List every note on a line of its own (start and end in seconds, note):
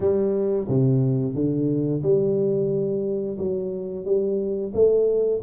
0.00 0.67 G3
0.68 1.35 C3
1.35 2.02 D3
2.03 3.37 G3
3.38 4.05 F#3
4.05 4.72 G3
4.74 5.41 A3